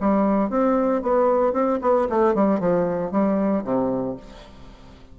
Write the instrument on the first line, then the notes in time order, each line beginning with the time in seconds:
bassoon
0.00 G3
0.50 C4
1.02 B3
1.53 C4
1.81 B3
2.09 A3
2.34 G3
2.60 F3
3.11 G3
3.64 C3